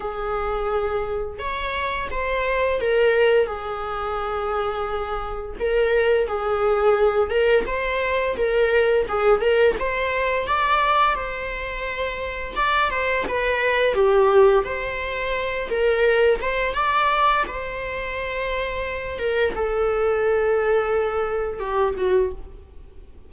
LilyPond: \new Staff \with { instrumentName = "viola" } { \time 4/4 \tempo 4 = 86 gis'2 cis''4 c''4 | ais'4 gis'2. | ais'4 gis'4. ais'8 c''4 | ais'4 gis'8 ais'8 c''4 d''4 |
c''2 d''8 c''8 b'4 | g'4 c''4. ais'4 c''8 | d''4 c''2~ c''8 ais'8 | a'2. g'8 fis'8 | }